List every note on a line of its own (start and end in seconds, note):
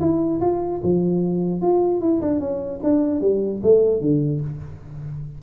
0.00 0.40 E4
0.41 0.81 F4
0.83 1.61 F3
1.61 2.00 F4
2.00 2.20 E4
2.21 2.40 D4
2.40 2.80 C#4
2.83 3.21 D4
3.21 3.61 G3
3.62 4.01 A3
4.01 4.41 D3